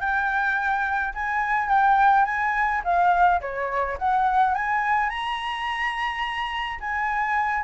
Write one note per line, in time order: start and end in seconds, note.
0.00 1.13 G5
1.14 1.68 G#5
1.68 2.25 G5
2.25 2.82 G#5
2.84 3.41 F5
3.41 3.98 C#5
3.98 4.55 F#5
4.55 5.09 G#5
5.09 6.79 A#5
6.80 7.63 G#5